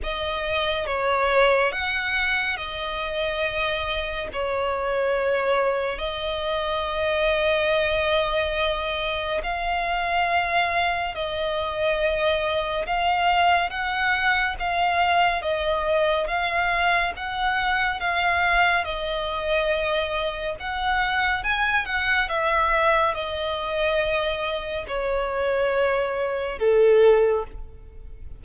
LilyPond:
\new Staff \with { instrumentName = "violin" } { \time 4/4 \tempo 4 = 70 dis''4 cis''4 fis''4 dis''4~ | dis''4 cis''2 dis''4~ | dis''2. f''4~ | f''4 dis''2 f''4 |
fis''4 f''4 dis''4 f''4 | fis''4 f''4 dis''2 | fis''4 gis''8 fis''8 e''4 dis''4~ | dis''4 cis''2 a'4 | }